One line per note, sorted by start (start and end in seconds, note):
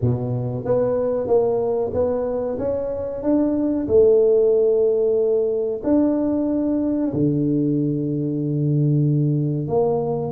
0.01 0.65 B2
0.65 1.27 B3
1.27 1.91 A#3
1.93 2.58 B3
2.58 3.22 C#4
3.22 3.87 D4
3.87 5.81 A3
5.83 7.12 D4
7.13 9.67 D3
9.67 10.32 A#3